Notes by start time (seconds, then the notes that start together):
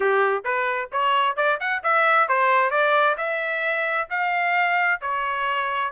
0.00 G4
0.44 B4
0.92 C#5
1.36 D5
1.60 F#5
1.83 E5
2.28 C5
2.70 D5
3.17 E5
4.10 F5
5.01 C#5